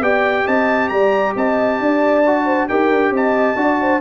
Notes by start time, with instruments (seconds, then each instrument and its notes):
0.00 tuba B3, trombone G4, horn D5, trumpet G5
0.45 tuba C4, horn D#5, trumpet A5
0.89 tuba G3, horn D5, trumpet A#5
1.35 tuba C4, horn D#5, trumpet A5
1.80 tuba D4, horn D5
2.26 trombone F#4
2.45 horn C5
2.68 tuba D#4, trombone G4, horn A#4, trumpet G5
2.91 tuba D4
3.10 tuba C4, horn D#5, trumpet A5
3.56 tuba D4, trombone F#4, horn D5
3.81 horn C5